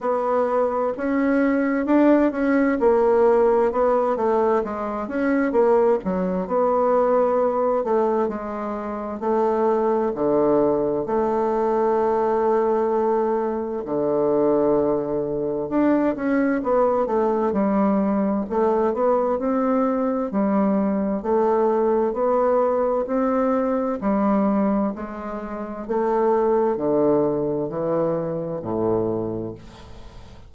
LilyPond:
\new Staff \with { instrumentName = "bassoon" } { \time 4/4 \tempo 4 = 65 b4 cis'4 d'8 cis'8 ais4 | b8 a8 gis8 cis'8 ais8 fis8 b4~ | b8 a8 gis4 a4 d4 | a2. d4~ |
d4 d'8 cis'8 b8 a8 g4 | a8 b8 c'4 g4 a4 | b4 c'4 g4 gis4 | a4 d4 e4 a,4 | }